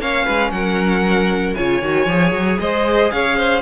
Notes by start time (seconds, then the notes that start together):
0.00 A#3 C#4 C#5 F5
0.26 G#3 B4
0.51 F#3 A#4 F#5
1.55 C#3 F4 C#5 G#5
1.82 D#3 F#4
2.07 F3 G#4
2.32 F#3
2.60 G#3 C5 D#5
3.12 C#4 C#5 F5
3.37 C5